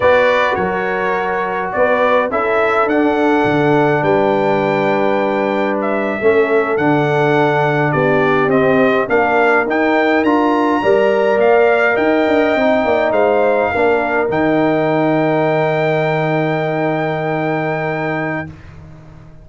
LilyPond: <<
  \new Staff \with { instrumentName = "trumpet" } { \time 4/4 \tempo 4 = 104 d''4 cis''2 d''4 | e''4 fis''2 g''4~ | g''2 e''4.~ e''16 fis''16~ | fis''4.~ fis''16 d''4 dis''4 f''16~ |
f''8. g''4 ais''2 f''16~ | f''8. g''2 f''4~ f''16~ | f''8. g''2.~ g''16~ | g''1 | }
  \new Staff \with { instrumentName = "horn" } { \time 4/4 b'4 ais'2 b'4 | a'2. b'4~ | b'2~ b'8. a'4~ a'16~ | a'4.~ a'16 g'2 ais'16~ |
ais'2~ ais'8. d''4~ d''16~ | d''8. dis''4. d''8 c''4 ais'16~ | ais'1~ | ais'1 | }
  \new Staff \with { instrumentName = "trombone" } { \time 4/4 fis'1 | e'4 d'2.~ | d'2~ d'8. cis'4 d'16~ | d'2~ d'8. c'4 d'16~ |
d'8. dis'4 f'4 ais'4~ ais'16~ | ais'4.~ ais'16 dis'2 d'16~ | d'8. dis'2.~ dis'16~ | dis'1 | }
  \new Staff \with { instrumentName = "tuba" } { \time 4/4 b4 fis2 b4 | cis'4 d'4 d4 g4~ | g2~ g8. a4 d16~ | d4.~ d16 b4 c'4 ais16~ |
ais8. dis'4 d'4 g4 ais16~ | ais8. dis'8 d'8 c'8 ais8 gis4 ais16~ | ais8. dis2.~ dis16~ | dis1 | }
>>